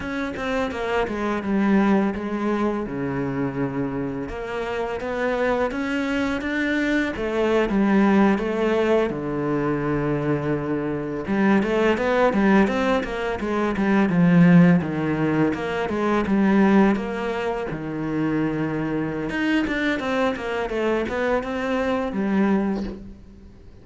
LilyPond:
\new Staff \with { instrumentName = "cello" } { \time 4/4 \tempo 4 = 84 cis'8 c'8 ais8 gis8 g4 gis4 | cis2 ais4 b4 | cis'4 d'4 a8. g4 a16~ | a8. d2. g16~ |
g16 a8 b8 g8 c'8 ais8 gis8 g8 f16~ | f8. dis4 ais8 gis8 g4 ais16~ | ais8. dis2~ dis16 dis'8 d'8 | c'8 ais8 a8 b8 c'4 g4 | }